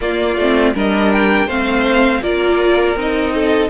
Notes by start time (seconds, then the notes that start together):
0.00 A#3 F4 D5
0.36 A3 C4
0.74 G3 D4 A#4 D#5
1.12 G5
1.46 A3 C4 C5 F5
2.21 A#3 F4 A#4 D5
2.95 C4 D#4 D#5
3.34 A4